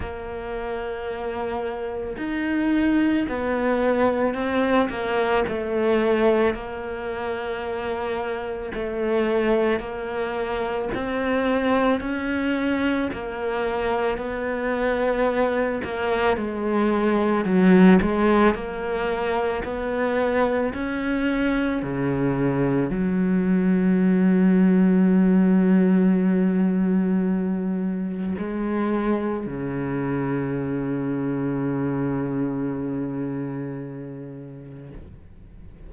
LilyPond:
\new Staff \with { instrumentName = "cello" } { \time 4/4 \tempo 4 = 55 ais2 dis'4 b4 | c'8 ais8 a4 ais2 | a4 ais4 c'4 cis'4 | ais4 b4. ais8 gis4 |
fis8 gis8 ais4 b4 cis'4 | cis4 fis2.~ | fis2 gis4 cis4~ | cis1 | }